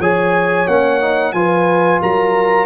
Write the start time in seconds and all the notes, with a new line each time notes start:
0.00 F3 G#4 C#5 G#5
0.68 A#3 C#4 F#5
1.01 D#4
1.33 F3 F4 B4 G#5
2.01 F#3 A#4 A#5